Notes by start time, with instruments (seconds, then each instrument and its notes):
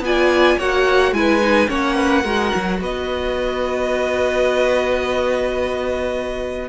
0.00 cello B3, viola F4, violin G#5
0.06 violin D5
0.58 cello A#3, viola F#4, violin C#5 F#5
1.12 cello G#3, viola E4, violin B4 G#5
1.41 viola D#4
1.67 cello A#3, viola C#4, violin C#5 F#5
1.96 violin B4
2.24 cello G#3, viola F#4, violin A#4
2.55 cello F#3
2.81 cello B3, violin B4 D#5